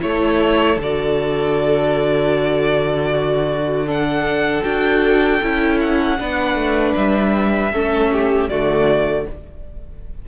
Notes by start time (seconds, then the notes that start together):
0.00 A3 E4 C#5
0.08 A4
0.77 D3 D5
0.83 F#4
3.10 F#4
3.86 D4 A4 F#5
4.62 D4 F#4 G5
5.42 C#4 E4
5.80 F#5
6.18 B3 D4 B4
6.55 A3
6.96 G3 E5
7.72 A3 C#4 A4
8.13 G4
8.49 D3 A3 F#4 D5